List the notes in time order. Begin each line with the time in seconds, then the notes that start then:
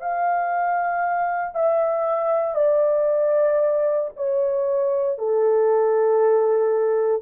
0.00 F5
1.54 E5
2.55 D5
4.16 C#5
5.18 A4